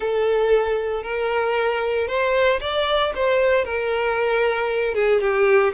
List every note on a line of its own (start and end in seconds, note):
0.00 1.03 A4
1.03 2.07 A#4
2.07 2.59 C5
2.60 3.12 D5
3.15 3.65 C5
3.65 4.94 A#4
4.94 5.20 G#4
5.20 5.72 G4